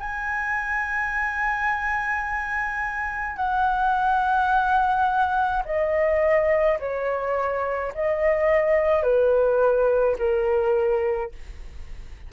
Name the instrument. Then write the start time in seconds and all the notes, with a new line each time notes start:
flute
0.00 G#5
3.37 F#5
5.66 D#5
6.80 C#5
7.95 D#5
9.04 B4
10.19 A#4